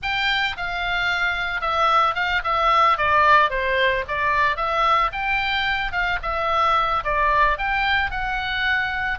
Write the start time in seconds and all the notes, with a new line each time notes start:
0.02 G5
0.57 F5
1.61 E5
2.14 F5
2.44 E5
2.97 D5
3.50 C5
4.08 D5
4.56 E5
5.12 G5
5.91 F5
6.22 E5
7.03 D5
7.57 G5
8.10 F#5